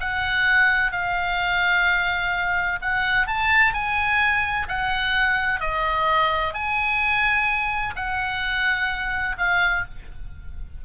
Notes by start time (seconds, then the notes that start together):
0.00 F#5
0.92 F5
2.81 F#5
3.27 A5
3.73 G#5
4.68 F#5
5.60 D#5
6.53 G#5
7.95 F#5
9.37 F5